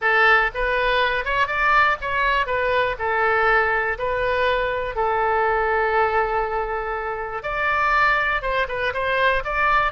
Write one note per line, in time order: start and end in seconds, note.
0.01 0.50 A4
0.54 1.24 B4
1.24 1.47 C#5
1.47 1.96 D5
2.01 2.46 C#5
2.46 2.95 B4
2.98 3.98 A4
3.98 4.95 B4
4.95 7.42 A4
7.42 8.42 D5
8.42 8.67 C5
8.68 8.93 B4
8.93 9.43 C5
9.44 9.92 D5